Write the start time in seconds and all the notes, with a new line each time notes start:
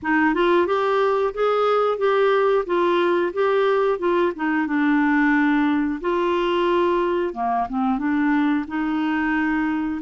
0.02 D#4
0.34 F4
0.67 G4
1.34 G#4
1.98 G4
2.65 F4
3.33 G4
3.98 F4
4.35 D#4
4.66 D4
6.00 F4
7.33 A#3
7.69 C4
7.98 D4
8.67 D#4